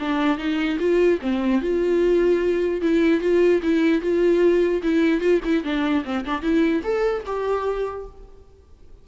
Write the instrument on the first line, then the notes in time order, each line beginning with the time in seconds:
viola
0.00 D4
0.38 D#4
0.80 F4
1.22 C4
1.62 F4
2.82 E4
3.21 F4
3.63 E4
4.02 F4
4.83 E4
5.21 F4
5.45 E4
5.64 D4
6.05 C4
6.25 D4
6.42 E4
6.84 A4
7.26 G4